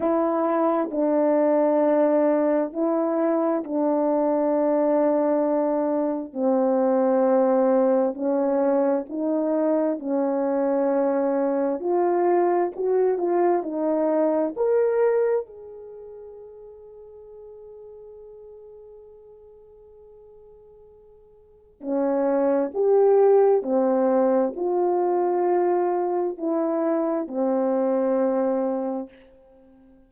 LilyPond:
\new Staff \with { instrumentName = "horn" } { \time 4/4 \tempo 4 = 66 e'4 d'2 e'4 | d'2. c'4~ | c'4 cis'4 dis'4 cis'4~ | cis'4 f'4 fis'8 f'8 dis'4 |
ais'4 gis'2.~ | gis'1 | cis'4 g'4 c'4 f'4~ | f'4 e'4 c'2 | }